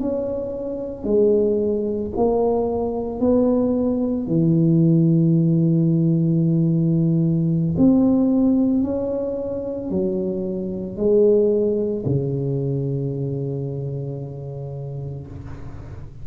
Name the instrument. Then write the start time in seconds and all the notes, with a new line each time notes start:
tuba
0.00 C#4
1.04 G#3
2.16 A#3
3.19 B3
4.27 E3
7.77 C4
8.83 C#4
9.90 F#3
10.96 G#3
12.05 C#3